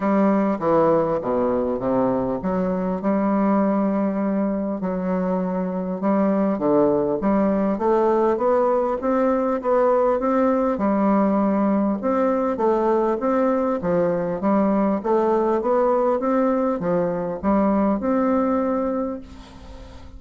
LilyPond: \new Staff \with { instrumentName = "bassoon" } { \time 4/4 \tempo 4 = 100 g4 e4 b,4 c4 | fis4 g2. | fis2 g4 d4 | g4 a4 b4 c'4 |
b4 c'4 g2 | c'4 a4 c'4 f4 | g4 a4 b4 c'4 | f4 g4 c'2 | }